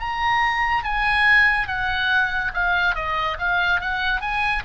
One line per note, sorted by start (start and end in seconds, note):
0.00 0.84 A#5
0.84 1.68 G#5
1.68 2.52 F#5
2.54 2.95 F5
2.95 3.38 D#5
3.39 3.81 F5
3.81 4.21 F#5
4.21 4.64 G#5